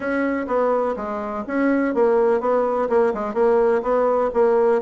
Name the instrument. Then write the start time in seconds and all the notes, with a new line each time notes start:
bassoon
0.00 C#4
0.47 B3
0.96 G#3
1.47 C#4
1.94 A#3
2.40 B3
2.89 A#3
3.13 G#3
3.34 A#3
3.82 B3
4.33 A#3